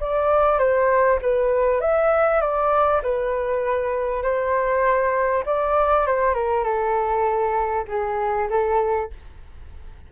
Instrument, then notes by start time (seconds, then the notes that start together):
flute
0.00 D5
0.58 C5
1.21 B4
1.80 E5
2.40 D5
3.02 B4
4.22 C5
5.46 D5
6.06 C5
6.34 A#4
6.64 A4
7.88 G#4
8.49 A4